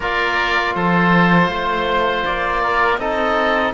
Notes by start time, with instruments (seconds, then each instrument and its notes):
0.00 cello A#3, trombone F4, oboe A#4 D5
0.74 cello F3, oboe A4 C5
1.48 cello A3, oboe C5
2.25 cello A#3, oboe D5
2.63 oboe A#4
2.97 cello C4, trombone D#4, oboe A4 D#5